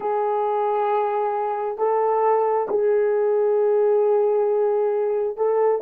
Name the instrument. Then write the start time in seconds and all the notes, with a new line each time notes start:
horn
0.00 G#4
1.77 A4
2.69 G#4
5.36 A4